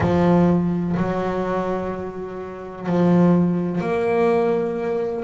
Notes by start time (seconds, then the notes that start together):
0.00 F3
0.96 F#3
2.86 F3
3.81 A#3